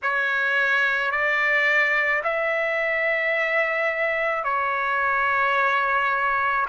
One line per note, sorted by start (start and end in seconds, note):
0.02 1.11 C#5
1.11 2.22 D5
2.23 4.43 E5
4.43 6.66 C#5